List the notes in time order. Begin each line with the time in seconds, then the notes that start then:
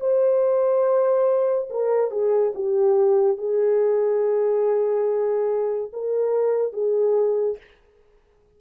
0.00 C5
1.70 A#4
2.10 G#4
2.55 G4
3.38 G#4
5.93 A#4
6.73 G#4